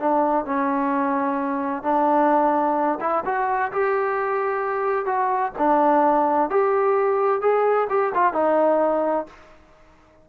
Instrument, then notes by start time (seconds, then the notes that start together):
trombone
0.00 D4
0.46 C#4
1.83 D4
3.01 E4
3.26 F#4
3.72 G4
5.06 F#4
5.59 D4
6.50 G4
7.42 G#4
7.90 G4
8.15 F4
8.34 D#4